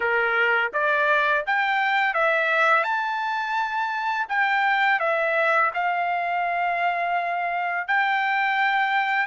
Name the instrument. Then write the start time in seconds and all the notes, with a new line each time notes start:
trumpet
0.00 A#4
0.73 D5
1.46 G5
2.14 E5
2.83 A5
4.29 G5
4.99 E5
5.74 F5
7.87 G5